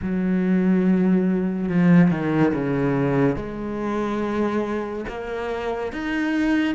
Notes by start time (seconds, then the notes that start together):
0.02 F#3
1.69 F3
2.10 D#3
2.53 C#3
3.36 G#3
5.08 A#3
5.92 D#4